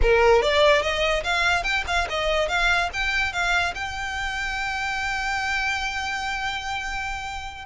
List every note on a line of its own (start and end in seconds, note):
0.02 0.42 A#4
0.42 0.81 D5
0.81 1.23 D#5
1.23 1.63 F5
1.63 1.84 G5
1.87 2.07 F5
2.09 2.48 D#5
2.48 2.89 F5
2.93 3.32 G5
3.32 3.74 F5
3.74 7.65 G5